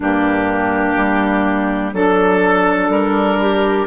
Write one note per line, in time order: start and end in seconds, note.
0.00 0.94 G2
0.00 1.93 A#3
0.00 1.92 D4
0.00 1.94 G4
0.96 1.93 G3
1.93 2.89 F#3
1.93 3.86 D4
1.93 3.39 A4
1.93 2.91 A4
2.89 3.85 G3
2.89 3.86 A#4
3.40 3.86 G4